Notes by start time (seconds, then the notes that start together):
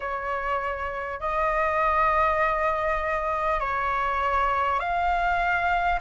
0.00 C#5
1.20 D#5
3.60 C#5
4.79 F5